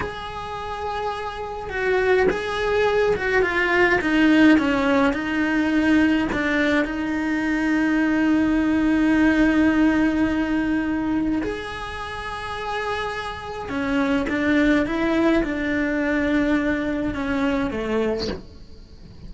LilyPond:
\new Staff \with { instrumentName = "cello" } { \time 4/4 \tempo 4 = 105 gis'2. fis'4 | gis'4. fis'8 f'4 dis'4 | cis'4 dis'2 d'4 | dis'1~ |
dis'1 | gis'1 | cis'4 d'4 e'4 d'4~ | d'2 cis'4 a4 | }